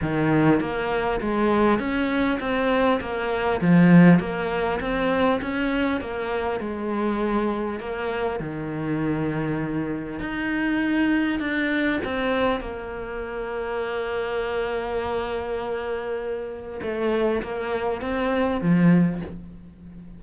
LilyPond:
\new Staff \with { instrumentName = "cello" } { \time 4/4 \tempo 4 = 100 dis4 ais4 gis4 cis'4 | c'4 ais4 f4 ais4 | c'4 cis'4 ais4 gis4~ | gis4 ais4 dis2~ |
dis4 dis'2 d'4 | c'4 ais2.~ | ais1 | a4 ais4 c'4 f4 | }